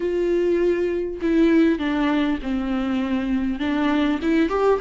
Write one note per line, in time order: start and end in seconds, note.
0.00 1.20 F4
1.21 1.78 E4
1.78 2.38 D4
2.42 3.59 C4
3.59 4.19 D4
4.22 4.49 E4
4.49 4.79 G4